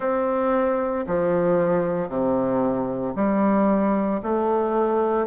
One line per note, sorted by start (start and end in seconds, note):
0.00 1.05 C4
1.06 2.08 F3
2.08 3.13 C3
3.15 4.21 G3
4.22 5.26 A3